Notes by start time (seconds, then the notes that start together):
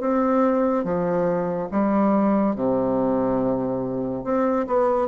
0.00 C4
0.84 F3
1.72 G3
2.55 C3
4.24 C4
4.67 B3